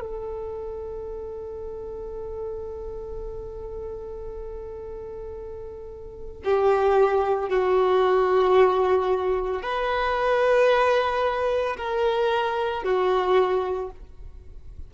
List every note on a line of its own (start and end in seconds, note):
0.00 6.43 A4
6.45 7.49 G4
7.49 9.62 F#4
9.62 11.77 B4
11.77 12.83 A#4
12.83 13.90 F#4